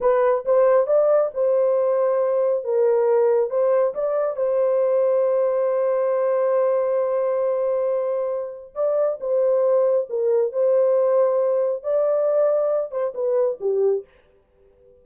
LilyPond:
\new Staff \with { instrumentName = "horn" } { \time 4/4 \tempo 4 = 137 b'4 c''4 d''4 c''4~ | c''2 ais'2 | c''4 d''4 c''2~ | c''1~ |
c''1 | d''4 c''2 ais'4 | c''2. d''4~ | d''4. c''8 b'4 g'4 | }